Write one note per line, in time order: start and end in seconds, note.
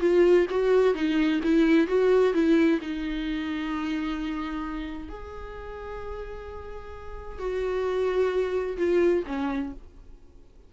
0.00 0.46 F4
0.50 0.94 F#4
0.94 1.40 D#4
1.43 1.87 E4
1.87 2.33 F#4
2.33 2.79 E4
2.81 5.09 D#4
5.09 7.39 G#4
7.39 8.77 F#4
8.77 9.23 F4
9.27 9.73 C#4